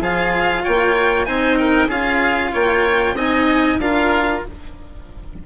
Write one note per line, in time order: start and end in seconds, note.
0.00 0.63 F3
0.00 1.25 F4
0.00 0.63 G#4
0.00 0.64 F5
0.63 1.27 A#3
0.63 1.26 C#5
0.63 1.25 G5
1.25 1.88 C4
1.25 1.88 D#4
1.25 1.58 C5
1.25 1.56 G#5
1.57 1.87 A#4
1.57 1.89 G5
1.87 2.51 C#4
1.87 3.15 F4
1.87 2.51 G#4
1.87 2.54 F5
2.52 3.14 A#3
2.52 3.15 C#5
2.52 3.17 G5
3.14 3.77 C4
3.14 3.80 D#4
3.14 3.78 D#5
3.14 3.80 G#5
3.78 4.41 D4
3.78 4.45 F4
3.78 4.46 A#4
3.78 4.43 F5